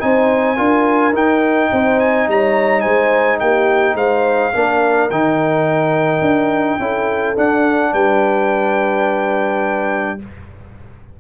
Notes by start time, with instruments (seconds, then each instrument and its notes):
0.00 tuba C4, trombone D#4, horn C5, trumpet G#5
0.56 tuba D4, trombone F4, horn A#4
1.13 trombone D#4, tuba D#4, trumpet G5
1.72 tuba C4, horn C5
2.00 trumpet G#5
2.28 tuba G3, horn C#5, trumpet A#5
2.81 tuba G#3, horn C5, trumpet G#5
3.40 tuba A#3, horn G4, trumpet G5
3.94 tuba G#3, horn C5, trumpet F5
4.54 tuba A#3, trombone D4, horn A#4
5.10 tuba D#3, trombone D#4, trumpet G5
6.21 tuba D4
6.79 tuba C#4, trombone E4, horn A4
7.36 trombone D4, tuba D4, trumpet F#5
7.92 tuba G3, horn B4, trumpet G5